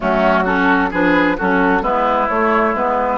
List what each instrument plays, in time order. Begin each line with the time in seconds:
0.00 bassoon F#3, clarinet A3, oboe C#4, flute F#4
0.43 clarinet C#4, oboe F#4, flute A4
0.91 bassoon F3, clarinet D4, oboe G#4, flute B4
1.37 bassoon F#3, clarinet C#4, oboe F#4, flute A4
1.81 bassoon G#3, clarinet B3, oboe E4, flute B4
2.29 bassoon A3, clarinet A3, flute C#5
2.73 bassoon G#3, clarinet B3, flute B4